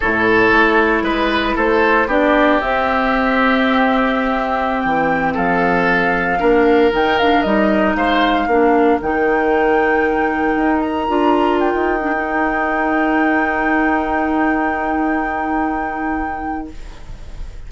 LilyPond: <<
  \new Staff \with { instrumentName = "flute" } { \time 4/4 \tempo 4 = 115 cis''2 b'4 c''4 | d''4 e''2.~ | e''4~ e''16 g''4 f''4.~ f''16~ | f''4~ f''16 g''8 f''8 dis''4 f''8.~ |
f''4~ f''16 g''2~ g''8.~ | g''8. ais''4. g''4.~ g''16~ | g''1~ | g''1 | }
  \new Staff \with { instrumentName = "oboe" } { \time 4/4 a'2 b'4 a'4 | g'1~ | g'2~ g'16 a'4.~ a'16~ | a'16 ais'2. c''8.~ |
c''16 ais'2.~ ais'8.~ | ais'1~ | ais'1~ | ais'1 | }
  \new Staff \with { instrumentName = "clarinet" } { \time 4/4 e'1 | d'4 c'2.~ | c'1~ | c'16 d'4 dis'8 d'8 dis'4.~ dis'16~ |
dis'16 d'4 dis'2~ dis'8.~ | dis'4~ dis'16 f'4.~ f'16 d'16 dis'8.~ | dis'1~ | dis'1 | }
  \new Staff \with { instrumentName = "bassoon" } { \time 4/4 a,4 a4 gis4 a4 | b4 c'2.~ | c'4~ c'16 e4 f4.~ f16~ | f16 ais4 dis4 g4 gis8.~ |
gis16 ais4 dis2~ dis8.~ | dis16 dis'4 d'4~ d'16 dis'4.~ | dis'1~ | dis'1 | }
>>